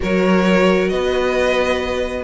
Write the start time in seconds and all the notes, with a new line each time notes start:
0.00 F#3 F#4 A#4 C#5
0.89 B3 B4 D#5